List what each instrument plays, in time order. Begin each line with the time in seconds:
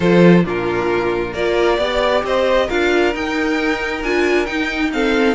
0.00 cello F3, viola F4, violin A4 C5
0.43 cello A#2, viola D4, violin F4 A#4
1.33 cello A#3, viola F4, violin A#4 D5
1.78 cello B3, viola G4, violin D5
2.23 cello C4, violin C5 D#5
2.66 cello D4, viola F4, violin A#4 F5
3.13 viola D#4, cello D#4, violin G5
4.03 cello D4, viola F4, violin G#5
4.45 viola D#4, cello D#4, violin G5
4.93 viola C4, violin A4 F5